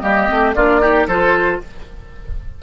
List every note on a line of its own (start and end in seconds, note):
0.00 0.29 G3
0.00 0.28 A#3
0.00 0.55 G4
0.00 0.53 D#5
0.28 0.56 A3
0.28 0.54 C4
0.54 1.07 A#3
0.54 0.81 D4
0.54 0.81 F4
0.54 1.07 D5
0.81 1.07 D#4
0.81 1.08 G4
1.07 1.60 F3
1.07 1.63 F4
1.07 1.61 A4
1.07 1.61 C5